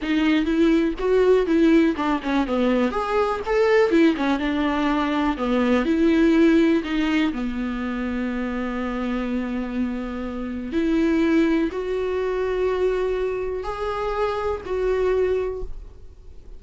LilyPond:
\new Staff \with { instrumentName = "viola" } { \time 4/4 \tempo 4 = 123 dis'4 e'4 fis'4 e'4 | d'8 cis'8 b4 gis'4 a'4 | e'8 cis'8 d'2 b4 | e'2 dis'4 b4~ |
b1~ | b2 e'2 | fis'1 | gis'2 fis'2 | }